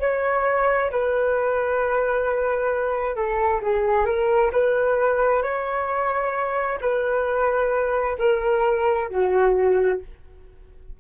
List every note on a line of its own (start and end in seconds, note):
0.00 0.91 C#5
0.91 3.16 B4
3.16 3.62 A4
3.62 4.06 G#4
4.06 4.51 A#4
4.52 5.43 B4
5.43 6.79 C#5
6.81 8.18 B4
8.19 9.09 A#4
9.09 10.00 F#4